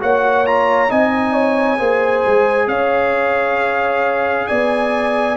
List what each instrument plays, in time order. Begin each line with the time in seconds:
0.00 tuba A#3, trombone F#4, horn C#5, trumpet F#5
0.46 trombone F4, trumpet A#5
0.89 tuba C4, trombone D#4, horn D#5, trumpet G#5
1.33 horn C#5
1.79 tuba A#3, trombone G#4, horn C5
2.26 tuba G#3
2.67 tuba C#4, horn C#5, trumpet F5
4.47 tuba B3, horn D5, trumpet G#5